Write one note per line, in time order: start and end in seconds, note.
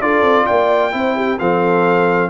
0.00 0.22 D4
0.00 0.91 F4
0.00 0.46 A4
0.00 0.46 D5
0.22 0.45 C4
0.46 0.93 A#3
0.46 0.92 D5
0.46 1.38 G5
0.91 1.40 C4
0.91 1.38 E4
0.91 1.15 C5
1.15 1.38 G4
1.39 2.30 F3
1.39 2.30 C4
1.39 2.30 A4
1.39 2.30 F5